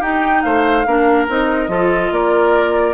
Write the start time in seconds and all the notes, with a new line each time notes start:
0.00 D#4 G4 G5
0.42 A3 C5 F5
0.86 A#3 D4 A#4
1.28 C4 D#4 D#5
1.68 F3 F4 A4
2.11 A#3 A#4 D5